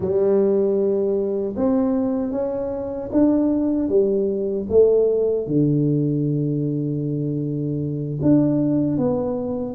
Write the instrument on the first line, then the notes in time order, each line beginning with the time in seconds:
tuba
0.00 G3
1.56 C4
2.31 C#4
3.12 D4
3.89 G3
4.69 A3
5.46 D3
8.21 D4
8.97 B3